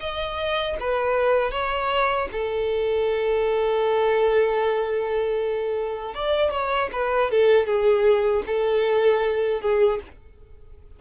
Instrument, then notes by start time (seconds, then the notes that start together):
violin
0.00 D#5
0.80 B4
1.51 C#5
2.32 A4
6.14 D5
6.51 C#5
6.93 B4
7.31 A4
7.66 G#4
8.47 A4
9.61 G#4